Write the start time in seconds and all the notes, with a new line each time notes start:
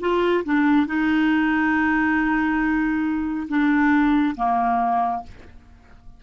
0.00 F4
0.44 D4
0.87 D#4
3.48 D4
4.36 A#3